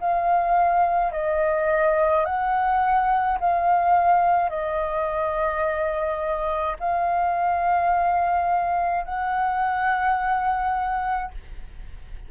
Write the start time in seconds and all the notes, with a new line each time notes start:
0.00 F5
1.12 D#5
2.25 F#5
3.40 F5
4.50 D#5
6.79 F5
9.05 F#5